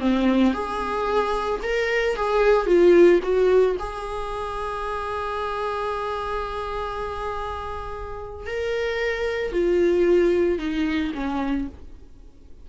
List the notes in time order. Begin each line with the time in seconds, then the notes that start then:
0.00 C4
0.53 G#4
1.63 A#4
2.16 G#4
2.67 F4
3.23 F#4
3.79 G#4
8.46 A#4
9.52 F4
10.58 D#4
11.14 C#4